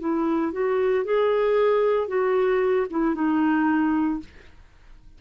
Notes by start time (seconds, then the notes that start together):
0.00 E4
0.53 F#4
1.05 G#4
2.08 F#4
2.90 E4
3.15 D#4